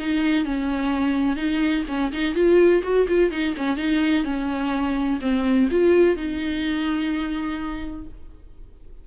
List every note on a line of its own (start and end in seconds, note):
0.00 0.45 D#4
0.45 1.37 C#4
1.37 1.84 D#4
1.89 2.12 C#4
2.13 2.35 D#4
2.35 2.82 F4
2.84 3.07 F#4
3.08 3.31 F4
3.31 3.55 D#4
3.57 3.77 C#4
3.77 4.25 D#4
4.25 5.20 C#4
5.22 5.69 C4
5.71 6.16 F4
6.16 8.07 D#4